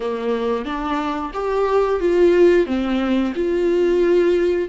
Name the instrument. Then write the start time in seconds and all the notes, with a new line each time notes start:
viola
0.00 A#3
0.65 D4
1.33 G4
1.99 F4
2.66 C4
3.35 F4